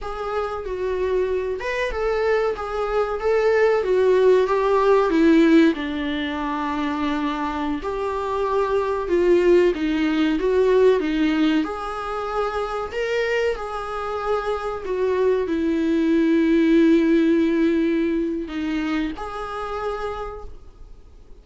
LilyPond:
\new Staff \with { instrumentName = "viola" } { \time 4/4 \tempo 4 = 94 gis'4 fis'4. b'8 a'4 | gis'4 a'4 fis'4 g'4 | e'4 d'2.~ | d'16 g'2 f'4 dis'8.~ |
dis'16 fis'4 dis'4 gis'4.~ gis'16~ | gis'16 ais'4 gis'2 fis'8.~ | fis'16 e'2.~ e'8.~ | e'4 dis'4 gis'2 | }